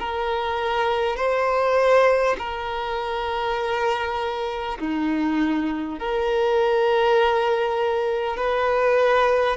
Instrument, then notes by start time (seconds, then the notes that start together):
violin
0.00 A#4
1.17 C5
2.38 A#4
4.79 D#4
5.99 A#4
8.37 B4